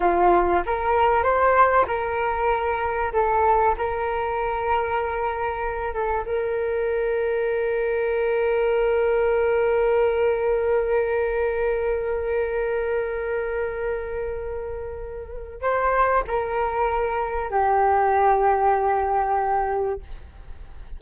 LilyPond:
\new Staff \with { instrumentName = "flute" } { \time 4/4 \tempo 4 = 96 f'4 ais'4 c''4 ais'4~ | ais'4 a'4 ais'2~ | ais'4. a'8 ais'2~ | ais'1~ |
ais'1~ | ais'1~ | ais'4 c''4 ais'2 | g'1 | }